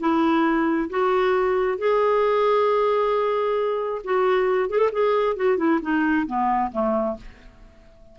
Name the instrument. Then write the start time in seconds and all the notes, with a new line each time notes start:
clarinet
0.00 E4
0.90 F#4
1.78 G#4
4.04 F#4
4.70 G#4
4.79 A4
4.93 G#4
5.36 F#4
5.58 E4
5.82 D#4
6.27 B3
6.72 A3